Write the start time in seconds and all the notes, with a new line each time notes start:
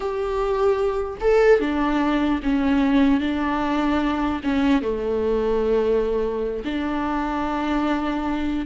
0.00 G4
1.20 A4
1.60 D4
2.42 C#4
3.20 D4
4.43 C#4
4.82 A3
6.64 D4